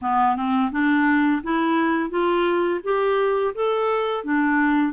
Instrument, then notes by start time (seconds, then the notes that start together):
clarinet
0.01 B3
0.35 C4
0.71 D4
1.43 E4
2.10 F4
2.83 G4
3.55 A4
4.24 D4